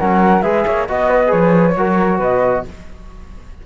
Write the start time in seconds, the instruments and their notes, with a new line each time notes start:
0.00 cello F#3, trombone C#4, flute A#4 F#5
0.42 cello G#3, trombone G#4, flute B4 E5
0.66 cello A#3, flute C#5
0.88 cello B3, trombone F#4, flute D#5
1.10 flute B4
1.27 cello F3, trombone G#4, flute C#5
1.76 cello F#3, trombone F#4, flute A#4
2.19 cello B2, flute B4 D#5